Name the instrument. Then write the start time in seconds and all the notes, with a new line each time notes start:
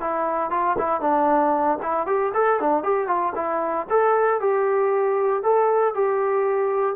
trombone
0.00 E4
0.50 F4
0.78 E4
1.01 D4
1.82 E4
2.06 G4
2.34 A4
2.59 D4
2.83 G4
3.07 F4
3.35 E4
3.89 A4
4.40 G4
5.43 A4
5.94 G4